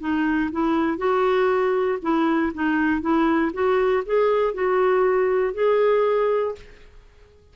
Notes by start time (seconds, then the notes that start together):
0.00 D#4
0.51 E4
0.97 F#4
2.02 E4
2.54 D#4
3.01 E4
3.53 F#4
4.06 G#4
4.54 F#4
5.54 G#4